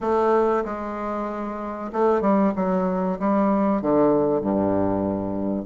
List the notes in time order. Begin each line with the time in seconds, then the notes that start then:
0.00 A3
0.64 G#3
1.92 A3
2.21 G3
2.55 F#3
3.19 G3
3.81 D3
4.41 G2